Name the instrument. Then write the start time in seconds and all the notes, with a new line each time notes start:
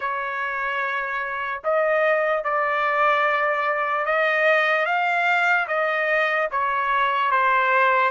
trumpet
0.00 C#5
1.64 D#5
2.43 D5
4.05 D#5
4.85 F5
5.68 D#5
6.51 C#5
7.31 C5